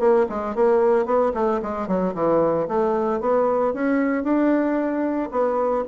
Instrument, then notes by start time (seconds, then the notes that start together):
bassoon
0.00 A#3
0.29 G#3
0.55 A#3
1.06 B3
1.34 A3
1.62 G#3
1.88 F#3
2.15 E3
2.68 A3
3.21 B3
3.74 C#4
4.24 D4
5.31 B3